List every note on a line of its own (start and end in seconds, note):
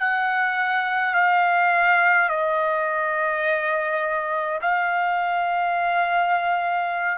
0.00 1.15 F#5
1.15 2.29 F5
2.29 4.60 D#5
4.62 7.19 F5